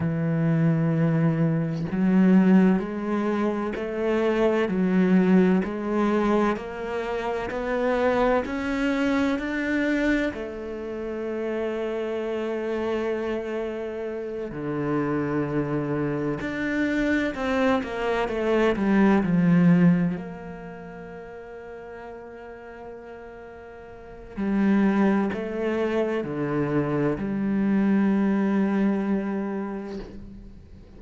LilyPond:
\new Staff \with { instrumentName = "cello" } { \time 4/4 \tempo 4 = 64 e2 fis4 gis4 | a4 fis4 gis4 ais4 | b4 cis'4 d'4 a4~ | a2.~ a8 d8~ |
d4. d'4 c'8 ais8 a8 | g8 f4 ais2~ ais8~ | ais2 g4 a4 | d4 g2. | }